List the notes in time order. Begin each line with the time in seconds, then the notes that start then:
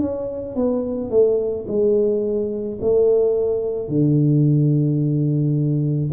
0.00 C#4
0.56 B3
1.10 A3
1.68 G#3
2.81 A3
3.89 D3